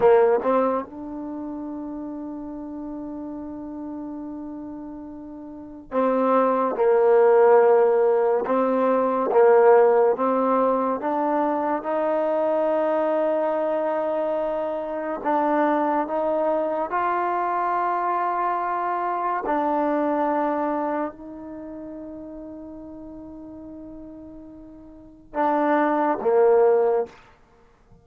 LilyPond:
\new Staff \with { instrumentName = "trombone" } { \time 4/4 \tempo 4 = 71 ais8 c'8 d'2.~ | d'2. c'4 | ais2 c'4 ais4 | c'4 d'4 dis'2~ |
dis'2 d'4 dis'4 | f'2. d'4~ | d'4 dis'2.~ | dis'2 d'4 ais4 | }